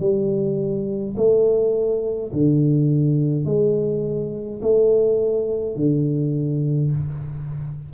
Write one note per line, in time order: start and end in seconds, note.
0.00 1.15 G3
1.16 2.32 A3
2.33 3.45 D3
3.45 4.60 G#3
4.62 5.76 A3
5.76 6.91 D3